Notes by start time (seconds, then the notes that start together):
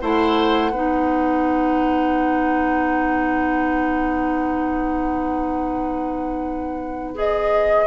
0.00 A3 E4 C5 F#5
0.71 B3 D#4 B4
7.15 G#4 D#5